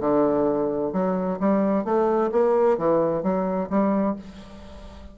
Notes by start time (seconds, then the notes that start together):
0.00 D3
0.93 F#3
1.40 G3
1.84 A3
2.32 A#3
2.78 E3
3.23 F#3
3.70 G3